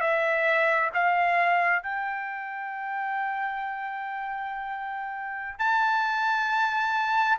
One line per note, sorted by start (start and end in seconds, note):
0.00 0.90 E5
0.94 1.82 F5
1.82 5.58 G5
5.58 7.38 A5